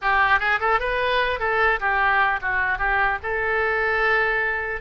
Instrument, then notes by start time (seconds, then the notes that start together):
oboe
0.01 G4
0.39 G#4
0.59 A4
0.79 B4
1.39 A4
1.80 G4
2.41 F#4
2.78 G4
3.23 A4